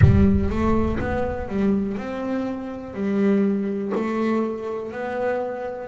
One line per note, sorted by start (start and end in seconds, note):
0.01 0.49 G3
0.49 0.98 A3
0.99 1.48 B3
1.48 1.97 G3
1.97 2.93 C4
2.93 3.92 G3
3.94 4.92 A3
4.92 5.88 B3